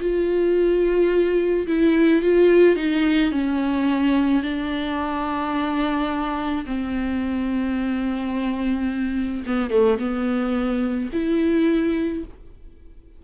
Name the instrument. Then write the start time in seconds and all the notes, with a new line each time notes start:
viola
0.00 F4
1.67 E4
2.22 F4
2.76 D#4
3.31 C#4
4.42 D4
6.66 C4
9.46 B3
9.70 A3
9.98 B3
11.13 E4